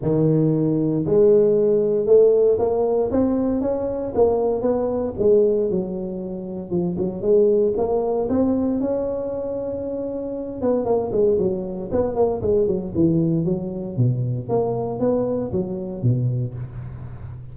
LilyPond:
\new Staff \with { instrumentName = "tuba" } { \time 4/4 \tempo 4 = 116 dis2 gis2 | a4 ais4 c'4 cis'4 | ais4 b4 gis4 fis4~ | fis4 f8 fis8 gis4 ais4 |
c'4 cis'2.~ | cis'8 b8 ais8 gis8 fis4 b8 ais8 | gis8 fis8 e4 fis4 b,4 | ais4 b4 fis4 b,4 | }